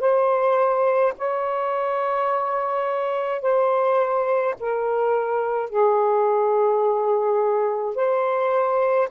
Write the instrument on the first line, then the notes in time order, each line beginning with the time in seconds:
saxophone
0.00 C5
1.18 C#5
3.42 C5
4.60 A#4
5.70 G#4
7.95 C5